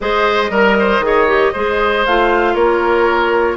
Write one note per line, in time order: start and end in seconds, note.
0.00 0.50 G#3
0.00 0.52 G#4
0.00 0.50 C5
0.00 2.06 D#5
0.50 0.99 G3
0.50 0.76 A#4
0.50 1.02 A#4
0.79 1.04 C5
0.99 1.50 D#3
0.99 1.27 G#4
1.06 1.52 C#5
1.27 1.53 G4
1.52 2.06 G#3
1.52 2.06 G#4
1.52 2.54 C5
2.06 2.54 A3
2.06 3.57 F4
2.06 2.54 F5
2.54 3.57 A#3
2.54 3.57 A#4
2.54 3.56 C#5